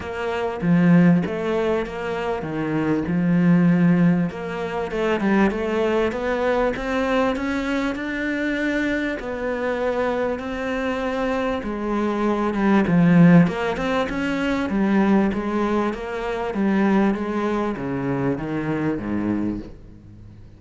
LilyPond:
\new Staff \with { instrumentName = "cello" } { \time 4/4 \tempo 4 = 98 ais4 f4 a4 ais4 | dis4 f2 ais4 | a8 g8 a4 b4 c'4 | cis'4 d'2 b4~ |
b4 c'2 gis4~ | gis8 g8 f4 ais8 c'8 cis'4 | g4 gis4 ais4 g4 | gis4 cis4 dis4 gis,4 | }